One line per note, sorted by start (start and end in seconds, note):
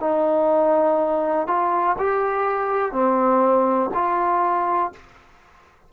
0.00 1.47 D#4
1.47 1.96 F4
1.98 2.92 G4
2.92 3.90 C4
3.94 4.92 F4